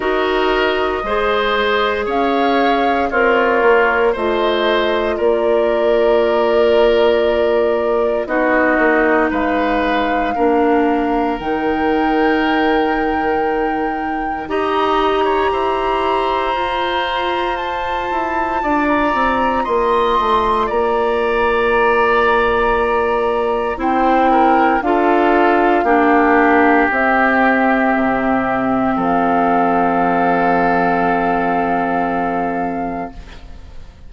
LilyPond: <<
  \new Staff \with { instrumentName = "flute" } { \time 4/4 \tempo 4 = 58 dis''2 f''4 cis''4 | dis''4 d''2. | dis''4 f''2 g''4~ | g''2 ais''2~ |
ais''4 a''4~ a''16 ais''8. c'''4 | ais''2. g''4 | f''2 e''2 | f''1 | }
  \new Staff \with { instrumentName = "oboe" } { \time 4/4 ais'4 c''4 cis''4 f'4 | c''4 ais'2. | fis'4 b'4 ais'2~ | ais'2 dis''8. cis''16 c''4~ |
c''2 d''4 dis''4 | d''2. c''8 ais'8 | a'4 g'2. | a'1 | }
  \new Staff \with { instrumentName = "clarinet" } { \time 4/4 fis'4 gis'2 ais'4 | f'1 | dis'2 d'4 dis'4~ | dis'2 g'2 |
f'1~ | f'2. e'4 | f'4 d'4 c'2~ | c'1 | }
  \new Staff \with { instrumentName = "bassoon" } { \time 4/4 dis'4 gis4 cis'4 c'8 ais8 | a4 ais2. | b8 ais8 gis4 ais4 dis4~ | dis2 dis'4 e'4 |
f'4. e'8 d'8 c'8 ais8 a8 | ais2. c'4 | d'4 ais4 c'4 c4 | f1 | }
>>